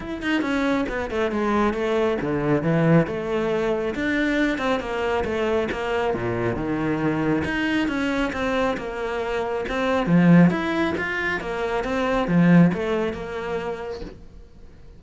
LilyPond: \new Staff \with { instrumentName = "cello" } { \time 4/4 \tempo 4 = 137 e'8 dis'8 cis'4 b8 a8 gis4 | a4 d4 e4 a4~ | a4 d'4. c'8 ais4 | a4 ais4 ais,4 dis4~ |
dis4 dis'4 cis'4 c'4 | ais2 c'4 f4 | e'4 f'4 ais4 c'4 | f4 a4 ais2 | }